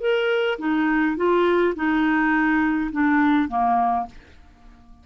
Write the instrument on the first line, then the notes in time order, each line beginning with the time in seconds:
clarinet
0.00 A#4
0.58 D#4
1.16 F4
1.75 D#4
2.92 D4
3.48 A#3